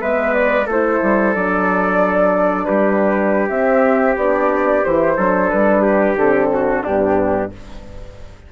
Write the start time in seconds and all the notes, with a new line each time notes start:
0.00 G#3 B3 B4 E5
0.34 D5
0.67 A3 E4 A4 C5
1.02 G3
1.34 F#3 D4 D5
2.65 G3 G4 B4
3.49 C4 E5
4.16 B3 D4 D5
4.85 E3 E4 C5
5.17 F#3 D4 A4
5.50 G3 B4
5.82 G4
6.16 D3 C4 A4
6.53 F#4
6.83 G2 B3 D4 G4